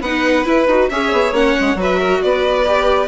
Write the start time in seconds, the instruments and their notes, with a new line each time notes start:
0.00 bassoon B3, viola D#4, violin B4 F#5
0.44 viola E4, bassoon E4, violin B4
0.67 bassoon D#4, viola F#4
0.89 bassoon C#4, viola G#4, violin C#5 E5
1.12 bassoon B3
1.31 bassoon A#3, viola C#4, violin F#5
1.60 bassoon G#3
1.75 bassoon F#3, viola F#4, violin B4
1.82 violin E5
1.99 violin A#4
2.22 bassoon B3, violin B4 D5
2.66 viola G4